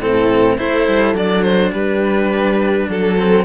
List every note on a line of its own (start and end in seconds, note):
0.00 0.58 A2
0.00 0.58 C4
0.00 0.59 E4
0.00 0.57 A4
0.57 0.88 A3
0.57 1.15 E4
0.57 1.72 A4
0.57 1.15 C5
0.88 1.14 G3
1.14 1.71 F#3
1.14 3.17 D4
1.14 1.43 D5
1.43 1.71 C5
1.72 2.87 G3
1.72 2.87 G4
1.72 2.89 B4
2.89 3.45 F#3
2.89 3.45 A4
3.18 3.45 C4